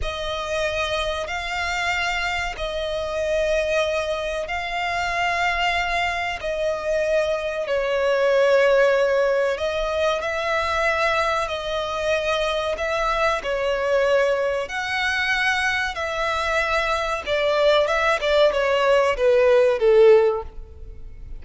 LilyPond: \new Staff \with { instrumentName = "violin" } { \time 4/4 \tempo 4 = 94 dis''2 f''2 | dis''2. f''4~ | f''2 dis''2 | cis''2. dis''4 |
e''2 dis''2 | e''4 cis''2 fis''4~ | fis''4 e''2 d''4 | e''8 d''8 cis''4 b'4 a'4 | }